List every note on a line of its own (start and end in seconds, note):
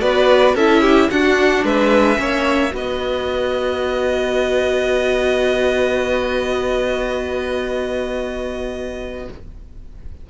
0.00 0.54 B3
0.00 0.55 F#4
0.00 0.55 B4
0.00 0.55 D5
0.54 1.09 C#4
0.54 1.12 E4
0.54 0.81 A4
0.54 1.10 E5
0.81 1.08 G4
1.10 1.63 D4
1.10 2.16 D4
1.10 1.64 F#4
1.10 1.64 F#5
1.63 2.18 G#3
1.63 2.19 B4
1.63 2.75 E5
2.16 2.73 A#3
2.16 2.70 C#4
2.16 2.74 C#5
2.71 9.28 B3
2.71 9.25 F#4
2.71 9.28 B4
2.71 9.30 D#5